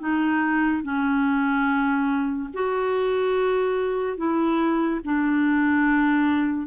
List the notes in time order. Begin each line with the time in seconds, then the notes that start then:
0.00 D#4
0.83 C#4
2.54 F#4
4.18 E4
5.05 D4